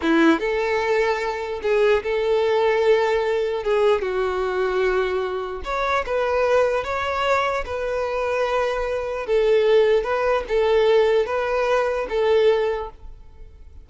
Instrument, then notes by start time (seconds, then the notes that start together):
violin
0.01 E4
0.39 A4
1.62 G#4
2.03 A4
3.63 G#4
4.01 F#4
5.64 C#5
6.06 B4
6.84 C#5
7.65 B4
9.26 A4
10.03 B4
10.48 A4
11.26 B4
12.09 A4